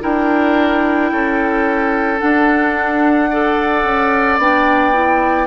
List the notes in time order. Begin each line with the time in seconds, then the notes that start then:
0.00 D4 E4 A#4 G5
1.12 C#4 A4
2.20 D4 F#5
3.30 A4 D5
3.84 C#4
4.38 B3 D4 G5
4.93 E4